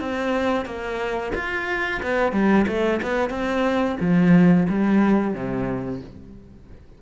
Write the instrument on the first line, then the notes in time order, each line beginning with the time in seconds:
cello
0.00 C4
0.66 A#3
1.35 F4
2.03 B3
2.33 G3
2.68 A3
3.03 B3
3.30 C4
4.00 F3
4.69 G3
5.34 C3